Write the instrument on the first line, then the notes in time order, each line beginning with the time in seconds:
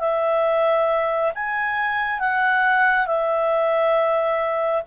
clarinet
0.00 E5
1.36 G#5
2.20 F#5
3.07 E5